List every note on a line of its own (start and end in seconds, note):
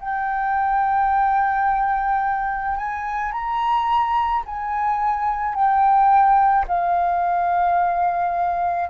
0.00 2.77 G5
2.77 3.32 G#5
3.32 4.43 A#5
4.46 5.55 G#5
5.55 6.66 G5
6.68 8.89 F5